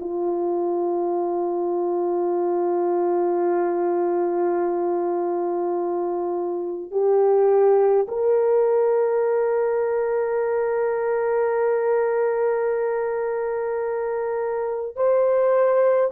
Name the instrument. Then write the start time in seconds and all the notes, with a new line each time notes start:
horn
0.00 F4
6.91 G4
8.08 A#4
14.96 C5